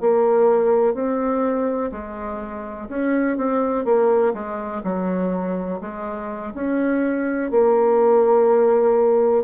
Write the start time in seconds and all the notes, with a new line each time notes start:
0.00 A#3
0.94 C4
1.91 G#3
2.89 C#4
3.37 C4
3.84 A#3
4.33 G#3
4.83 F#3
5.80 G#3
6.54 C#4
7.50 A#3